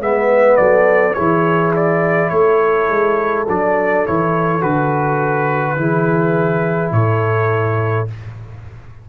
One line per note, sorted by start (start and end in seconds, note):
0.00 0.58 G#3
0.00 1.15 B3
0.00 0.59 B4
0.00 0.57 E5
0.57 1.17 F#3
0.57 1.15 A4
0.57 1.14 D5
1.14 2.31 E3
1.14 3.47 E4
1.14 2.31 G#4
1.14 1.72 C#5
1.76 2.29 D5
2.29 2.89 A3
2.29 5.79 A4
2.29 3.45 C#5
2.89 3.47 G#3
3.49 4.06 F#3
3.49 4.06 D4
3.49 4.06 D5
4.06 4.62 E3
4.06 4.61 E4
4.06 4.62 C#5
4.61 5.77 D3
4.61 5.76 F#4
4.61 6.93 B4
5.77 6.92 E3
5.77 8.08 E4
5.77 6.94 G#4
6.92 8.07 A2
6.92 8.09 A4
6.92 8.08 C#5